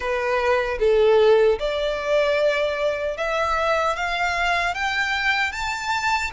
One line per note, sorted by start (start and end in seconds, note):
0.00 0.78 B4
0.79 1.58 A4
1.59 3.17 D5
3.17 3.95 E5
3.95 4.74 F5
4.74 5.52 G5
5.52 6.31 A5